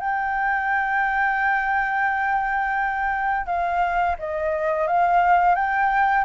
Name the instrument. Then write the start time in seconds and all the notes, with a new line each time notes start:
flute
0.00 G5
3.46 F5
4.19 D#5
4.87 F5
5.55 G5